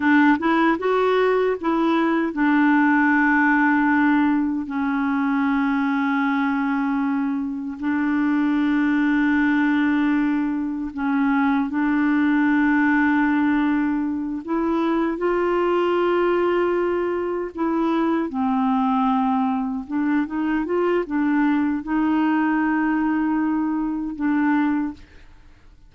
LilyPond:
\new Staff \with { instrumentName = "clarinet" } { \time 4/4 \tempo 4 = 77 d'8 e'8 fis'4 e'4 d'4~ | d'2 cis'2~ | cis'2 d'2~ | d'2 cis'4 d'4~ |
d'2~ d'8 e'4 f'8~ | f'2~ f'8 e'4 c'8~ | c'4. d'8 dis'8 f'8 d'4 | dis'2. d'4 | }